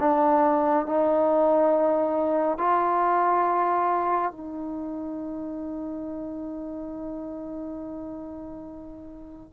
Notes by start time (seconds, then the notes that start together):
0.00 D4
0.87 D#4
2.58 F4
4.32 D#4